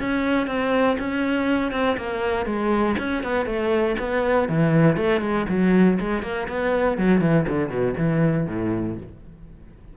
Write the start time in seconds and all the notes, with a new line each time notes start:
0.00 C#4
0.47 C4
0.99 C#4
1.72 C4
1.97 A#3
2.46 G#3
2.99 C#4
3.24 B3
3.46 A3
3.99 B3
4.49 E3
4.97 A3
5.21 G#3
5.49 F#3
6.00 G#3
6.22 A#3
6.48 B3
6.98 F#3
7.21 E3
7.48 D3
7.69 B2
7.98 E3
8.47 A2